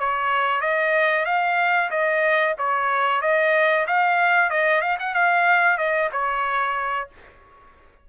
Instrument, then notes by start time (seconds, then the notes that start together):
trumpet
0.00 C#5
0.61 D#5
1.26 F5
1.91 D#5
2.58 C#5
3.22 D#5
3.87 F5
4.50 D#5
4.82 F5
5.00 F#5
5.15 F5
5.78 D#5
6.12 C#5